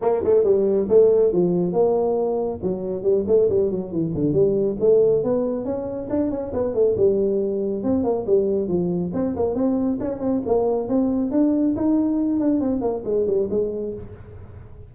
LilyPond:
\new Staff \with { instrumentName = "tuba" } { \time 4/4 \tempo 4 = 138 ais8 a8 g4 a4 f4 | ais2 fis4 g8 a8 | g8 fis8 e8 d8 g4 a4 | b4 cis'4 d'8 cis'8 b8 a8 |
g2 c'8 ais8 g4 | f4 c'8 ais8 c'4 cis'8 c'8 | ais4 c'4 d'4 dis'4~ | dis'8 d'8 c'8 ais8 gis8 g8 gis4 | }